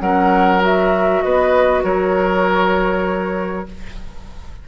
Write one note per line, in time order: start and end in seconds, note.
0.00 1.23 F#3
0.00 0.60 C#4
0.00 1.24 A#4
0.00 0.61 F#5
0.60 3.66 F#4
0.60 1.21 E5
1.21 1.84 B3
1.21 1.84 B4
1.21 1.82 D#5
1.84 3.67 F#3
1.84 3.68 A#4
1.84 3.68 C#5